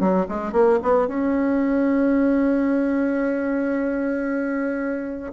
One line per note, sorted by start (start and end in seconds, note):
0.00 0.27 F#3
0.28 0.53 G#3
0.53 0.79 A#3
0.82 1.08 B3
1.08 5.32 C#4